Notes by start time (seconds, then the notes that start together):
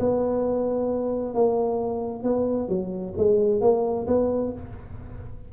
0.00 B3
1.35 A#3
2.24 B3
2.69 F#3
3.18 G#3
3.61 A#3
4.07 B3